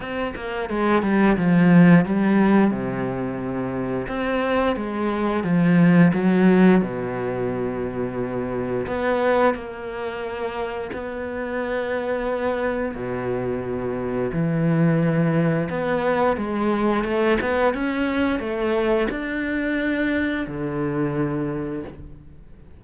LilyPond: \new Staff \with { instrumentName = "cello" } { \time 4/4 \tempo 4 = 88 c'8 ais8 gis8 g8 f4 g4 | c2 c'4 gis4 | f4 fis4 b,2~ | b,4 b4 ais2 |
b2. b,4~ | b,4 e2 b4 | gis4 a8 b8 cis'4 a4 | d'2 d2 | }